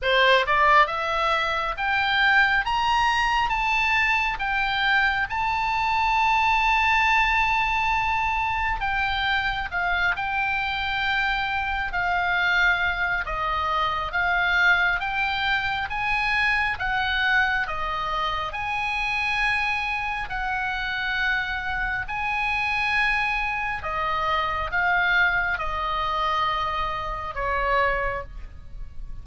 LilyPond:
\new Staff \with { instrumentName = "oboe" } { \time 4/4 \tempo 4 = 68 c''8 d''8 e''4 g''4 ais''4 | a''4 g''4 a''2~ | a''2 g''4 f''8 g''8~ | g''4. f''4. dis''4 |
f''4 g''4 gis''4 fis''4 | dis''4 gis''2 fis''4~ | fis''4 gis''2 dis''4 | f''4 dis''2 cis''4 | }